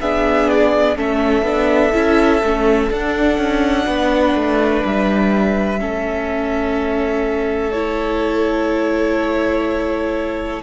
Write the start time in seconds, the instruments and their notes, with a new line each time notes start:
0.00 cello B3, viola D4, violin G#4 E5
0.49 violin D5
0.96 cello A3, viola C#4, violin A4 E5
1.42 cello B3, viola D4
1.92 cello C#4, viola E4
2.42 cello A3, viola C#4
2.89 viola D4, cello D4, violin F#5
3.37 cello C#4
3.86 cello B3, violin B4
4.34 cello A3
4.85 cello G3, violin E5
5.79 cello A3, viola C#4, violin A4
7.71 viola E4, violin C#5